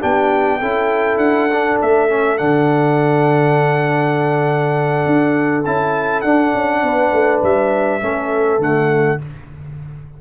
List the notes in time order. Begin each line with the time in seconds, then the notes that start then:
0.00 B3 D4 G4 G5
0.60 C#4 E4 A4
1.18 D4 F#5
1.51 D4
1.82 A3 E5
2.09 C#4
2.38 D3 D4 F#5
5.07 D4
5.65 C#4 E4 A5
6.22 D4 F#5
6.55 C#4
6.83 B3 B4
7.13 A3
7.43 G3 E5
8.01 A3 C#4 A4
8.59 D3 A3 F#5